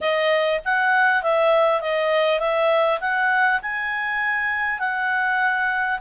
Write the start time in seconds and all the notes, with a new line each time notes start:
0.00 D#5
0.64 F#5
1.22 E5
1.80 D#5
2.39 E5
3.00 F#5
3.62 G#5
4.79 F#5